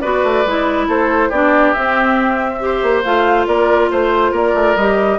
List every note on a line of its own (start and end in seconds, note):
0.00 0.23 B3
0.00 0.45 F#4
0.00 0.87 B4
0.00 0.86 D5
0.23 0.45 A3
0.45 0.87 G#3
0.45 1.32 E4
0.87 1.30 A3
0.87 1.29 A4
0.87 1.31 C5
1.29 1.73 B3
1.29 1.75 D4
1.29 2.58 G4
1.29 1.72 D5
1.72 2.59 C4
1.72 2.82 C4
1.72 3.02 E5
2.59 3.03 G4
2.59 3.47 C5
2.82 3.04 A#3
3.03 3.47 A3
3.03 4.78 F4
3.03 3.46 F5
3.47 3.90 A#3
3.47 3.90 A#4
3.47 3.90 D5
3.90 4.31 A3
3.90 4.31 C5
3.90 4.35 C5
4.31 4.53 A#3
4.31 5.17 A#4
4.31 4.76 D5
4.54 4.75 A3
4.75 5.18 G3
4.75 5.18 G4
4.75 5.18 D#5